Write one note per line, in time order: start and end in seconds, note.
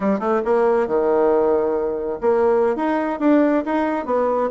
0.00 0.19 G3
0.19 0.41 A3
0.44 0.87 A#3
0.87 2.19 D#3
2.20 2.76 A#3
2.76 3.19 D#4
3.19 3.64 D4
3.65 4.05 D#4
4.05 4.49 B3